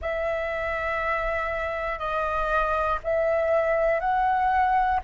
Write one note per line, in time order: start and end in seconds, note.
0.01 1.98 E5
1.98 2.98 D#5
3.03 4.00 E5
4.00 5.00 F#5